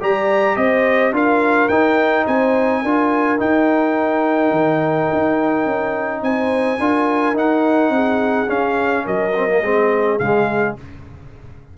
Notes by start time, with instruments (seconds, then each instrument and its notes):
0.00 tuba G3, trombone G4, horn D5, trumpet A#5
0.56 tuba C4, horn C5, trumpet D#5
1.11 tuba D4, trombone F4, horn A#4, trumpet F5
1.68 tuba D#4, trombone D#4, trumpet G5
2.24 tuba C4, horn C5, trumpet G#5
2.82 tuba D4, trombone F4, horn A#4
3.38 trombone D#4, tuba D#4, trumpet G5
4.50 tuba D#3
5.12 tuba D#4
5.65 tuba C#4
6.21 tuba C4, horn C5, trumpet G#5
6.79 tuba D4, trombone F4, horn A#4
7.33 tuba D#4, trombone D#4, trumpet F#5
7.89 tuba C4, horn G#4
8.47 trombone C#4, tuba C#4, trumpet F5
9.04 tuba F#3, horn A#4, trumpet D#5
9.36 trombone C4
9.48 trombone A#3
9.62 tuba G#3, trombone C4, horn G#4
10.18 tuba C#3, trombone G#3, trumpet F5